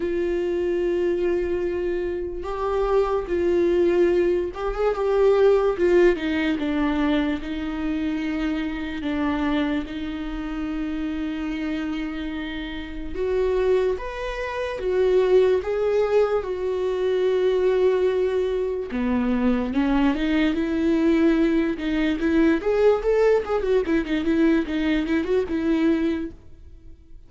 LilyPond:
\new Staff \with { instrumentName = "viola" } { \time 4/4 \tempo 4 = 73 f'2. g'4 | f'4. g'16 gis'16 g'4 f'8 dis'8 | d'4 dis'2 d'4 | dis'1 |
fis'4 b'4 fis'4 gis'4 | fis'2. b4 | cis'8 dis'8 e'4. dis'8 e'8 gis'8 | a'8 gis'16 fis'16 e'16 dis'16 e'8 dis'8 e'16 fis'16 e'4 | }